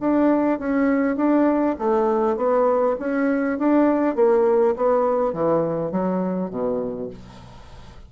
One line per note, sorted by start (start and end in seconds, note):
0.00 0.59 D4
0.59 1.16 C#4
1.16 1.76 D4
1.78 2.37 A3
2.37 2.96 B3
2.99 3.59 C#4
3.59 4.15 D4
4.15 4.75 A#3
4.76 5.33 B3
5.33 5.92 E3
5.92 6.50 F#3
6.50 7.10 B2